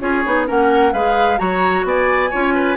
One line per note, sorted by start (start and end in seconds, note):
0.00 0.24 C#4
0.00 0.24 F4
0.00 0.47 G#4
0.00 0.46 C#5
0.25 0.49 B3
0.25 0.46 D#4
0.46 0.93 A#3
0.46 0.92 C#4
0.46 0.92 A#4
0.46 0.93 F#5
0.92 1.39 G#3
0.92 1.37 G#4
0.92 1.39 B4
0.92 1.38 F5
1.37 1.84 F#3
1.37 2.29 F#4
1.37 1.86 C#5
1.37 1.84 A#5
1.84 2.30 B3
1.84 2.30 D5
1.84 2.77 G#5
2.30 2.77 C#4
2.30 2.77 F4
2.30 2.53 C#5
2.54 2.77 B4